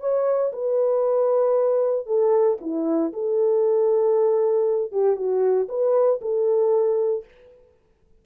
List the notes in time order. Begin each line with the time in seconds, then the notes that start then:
0.00 C#5
0.52 B4
2.06 A4
2.61 E4
3.13 A4
4.92 G4
5.16 F#4
5.68 B4
6.21 A4